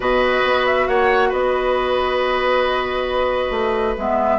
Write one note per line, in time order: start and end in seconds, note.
0.00 0.42 B2
0.00 3.97 F#4
0.00 0.87 B4
0.00 0.66 D#5
0.43 0.87 B3
0.66 0.87 E5
0.87 1.32 A#3
0.87 1.29 C#5
0.87 1.31 F#5
1.29 3.50 B3
1.29 4.38 B4
1.29 3.96 D#5
3.50 3.94 A3
3.97 4.39 G#3
3.97 4.39 B3
3.97 4.39 E5